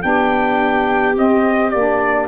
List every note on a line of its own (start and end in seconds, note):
0.00 1.17 B3
0.00 1.13 D4
0.00 2.28 G4
0.00 1.15 G5
1.14 1.70 C4
1.14 1.73 C4
1.14 1.70 D#5
1.70 2.28 A#3
1.70 2.26 D5
1.76 2.28 D4